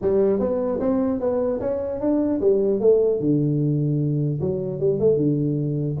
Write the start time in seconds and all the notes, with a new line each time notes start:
0.01 G3
0.39 B3
0.79 C4
1.20 B3
1.60 C#4
2.00 D4
2.41 G3
2.80 A3
3.19 D3
4.40 F#3
4.79 G3
4.99 A3
5.17 D3